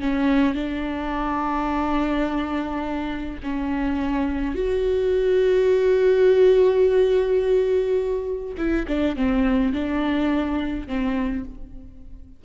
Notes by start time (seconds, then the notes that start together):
0.00 C#4
0.54 D4
3.43 C#4
4.55 F#4
8.57 E4
8.88 D4
9.16 C4
9.73 D4
10.87 C4